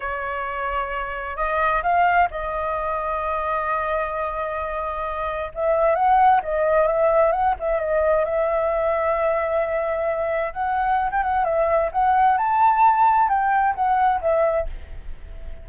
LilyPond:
\new Staff \with { instrumentName = "flute" } { \time 4/4 \tempo 4 = 131 cis''2. dis''4 | f''4 dis''2.~ | dis''1 | e''4 fis''4 dis''4 e''4 |
fis''8 e''8 dis''4 e''2~ | e''2. fis''4~ | fis''16 g''16 fis''8 e''4 fis''4 a''4~ | a''4 g''4 fis''4 e''4 | }